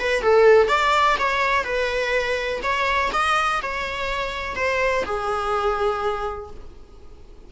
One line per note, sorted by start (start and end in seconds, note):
0.00 0.22 B4
0.22 0.68 A4
0.68 1.17 D5
1.19 1.64 C#5
1.64 2.61 B4
2.63 3.11 C#5
3.13 3.61 D#5
3.62 4.56 C#5
4.56 5.04 C5
5.06 6.51 G#4